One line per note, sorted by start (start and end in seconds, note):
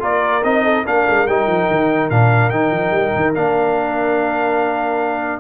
0.00 0.44 A#3
0.00 0.41 F4
0.00 0.64 A#4
0.00 0.44 D5
0.44 0.85 C4
0.44 0.86 D#4
0.44 0.85 D#5
0.64 0.85 A4
0.85 1.07 A#3
0.85 1.27 D4
0.85 5.40 A#4
0.85 1.27 F5
1.09 1.27 G#3
1.27 1.47 G3
1.27 2.11 D#4
1.27 2.10 G5
1.47 1.67 F3
1.71 2.10 D#3
2.10 2.51 A#2
2.10 2.52 D4
2.10 2.50 F5
2.50 2.71 D#3
2.50 3.34 D#4
2.50 3.32 G5
2.71 2.91 F3
2.91 3.12 G3
3.16 3.36 D#3
3.35 5.40 A#3
3.35 5.40 D4
3.35 5.40 F5